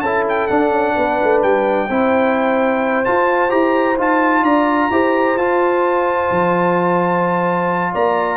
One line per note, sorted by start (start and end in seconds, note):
0.00 0.48 C#4
0.00 0.49 E4
0.00 0.94 A4
0.00 0.23 A5
0.29 0.47 G5
0.47 1.89 D4
0.47 0.70 D4
0.47 1.40 F#5
0.70 0.94 C#4
0.96 1.20 B3
0.96 1.88 B4
1.23 1.43 A3
1.42 1.89 G3
1.42 3.04 G5
1.88 3.05 C4
1.88 3.05 E4
1.88 4.43 C5
3.04 3.49 F4
3.04 3.52 F4
3.04 3.51 A5
3.49 3.98 E4
3.49 3.96 G4
3.49 3.97 A#5
3.98 4.42 D#4
3.98 4.91 F4
3.98 4.44 A5
4.42 4.89 D4
4.42 4.89 D5
4.42 5.37 A#5
4.90 5.35 E4
4.90 5.37 G4
4.90 7.92 C5
5.35 6.28 F4
5.35 8.36 F4
5.35 7.93 A5
6.30 7.93 F3
7.92 8.36 A#3
7.92 8.36 D5
7.92 8.36 A#5